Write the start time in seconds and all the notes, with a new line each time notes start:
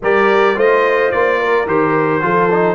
0.02 G3 G4 A#4 D5
0.55 A3 F4 C5 D#5
1.11 A#3 D5
1.39 A#4
1.66 D#3 G4 C5
2.21 F3 F4 A4
2.51 D#4